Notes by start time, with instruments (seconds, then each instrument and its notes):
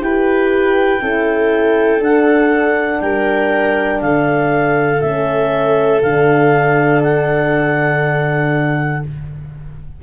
0.00 tuba E4, horn G4, viola B4, clarinet G5
1.01 tuba C#4, horn E4, viola A4
2.00 tuba D4, horn D4, clarinet F#5
3.01 tuba G3, viola A#4, clarinet G5
4.01 tuba D3, viola A4, clarinet F5
5.01 tuba A3, horn C#4, clarinet E5
6.02 tuba D3, horn D4, clarinet F5
7.03 clarinet F#5